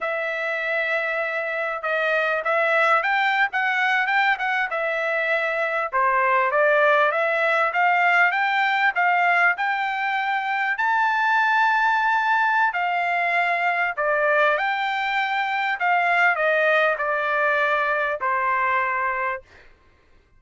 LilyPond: \new Staff \with { instrumentName = "trumpet" } { \time 4/4 \tempo 4 = 99 e''2. dis''4 | e''4 g''8. fis''4 g''8 fis''8 e''16~ | e''4.~ e''16 c''4 d''4 e''16~ | e''8. f''4 g''4 f''4 g''16~ |
g''4.~ g''16 a''2~ a''16~ | a''4 f''2 d''4 | g''2 f''4 dis''4 | d''2 c''2 | }